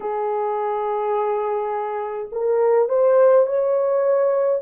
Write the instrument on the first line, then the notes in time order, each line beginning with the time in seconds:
horn
0.00 G#4
2.32 A#4
2.88 C5
3.46 C#5